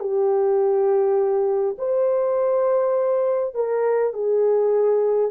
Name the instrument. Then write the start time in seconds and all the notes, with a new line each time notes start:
horn
0.00 G4
1.79 C5
3.55 A#4
4.14 G#4